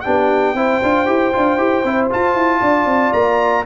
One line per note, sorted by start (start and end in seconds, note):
0.00 0.55 D4
0.00 0.55 G4
0.00 2.07 G5
0.06 0.54 B3
0.54 0.80 C4
0.54 0.81 E4
0.54 2.60 C5
0.82 1.07 D4
0.82 1.05 F4
1.05 1.33 E4
1.05 1.31 G4
1.32 1.57 D4
1.32 1.58 F4
1.57 1.83 E4
1.57 1.84 G4
1.84 2.10 C4
1.84 2.10 E4
2.10 3.65 F4
2.10 2.34 F4
2.10 3.13 A5
2.34 2.60 E4
2.60 2.85 D4
2.60 3.64 D5
2.85 3.11 C4
3.13 3.65 A#3
3.13 3.65 A#5